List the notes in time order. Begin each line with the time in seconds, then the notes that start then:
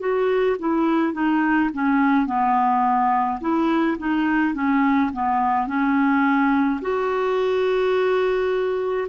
0.00 F#4
0.59 E4
1.13 D#4
1.73 C#4
2.26 B3
3.41 E4
3.98 D#4
4.54 C#4
5.14 B3
5.67 C#4
6.82 F#4